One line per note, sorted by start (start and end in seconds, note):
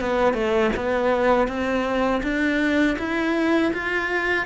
0.00 0.33 B3
0.33 0.70 A3
0.76 1.48 B3
1.48 2.22 C4
2.23 2.97 D4
2.98 3.72 E4
3.73 4.46 F4